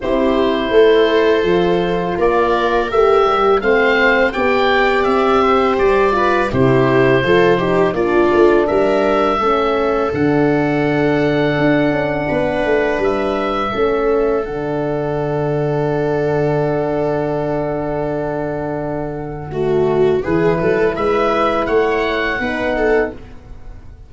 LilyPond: <<
  \new Staff \with { instrumentName = "oboe" } { \time 4/4 \tempo 4 = 83 c''2. d''4 | e''4 f''4 g''4 e''4 | d''4 c''2 d''4 | e''2 fis''2~ |
fis''2 e''2 | fis''1~ | fis''1 | b'4 e''4 fis''2 | }
  \new Staff \with { instrumentName = "viola" } { \time 4/4 g'4 a'2 ais'4~ | ais'4 c''4 d''4. c''8~ | c''8 b'8 g'4 a'8 g'8 f'4 | ais'4 a'2.~ |
a'4 b'2 a'4~ | a'1~ | a'2. fis'4 | gis'8 a'8 b'4 cis''4 b'8 a'8 | }
  \new Staff \with { instrumentName = "horn" } { \time 4/4 e'2 f'2 | g'4 c'4 g'2~ | g'8 f'8 e'4 f'8 dis'8 d'4~ | d'4 cis'4 d'2~ |
d'2. cis'4 | d'1~ | d'2. a4 | e'2. dis'4 | }
  \new Staff \with { instrumentName = "tuba" } { \time 4/4 c'4 a4 f4 ais4 | a8 g8 a4 b4 c'4 | g4 c4 f4 ais8 a8 | g4 a4 d2 |
d'8 cis'8 b8 a8 g4 a4 | d1~ | d1 | e8 fis8 gis4 a4 b4 | }
>>